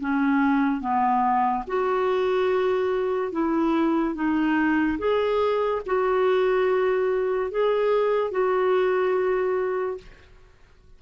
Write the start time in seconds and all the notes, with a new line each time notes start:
0.00 C#4
0.80 B3
1.67 F#4
3.32 E4
4.14 D#4
4.98 G#4
5.86 F#4
7.50 G#4
8.31 F#4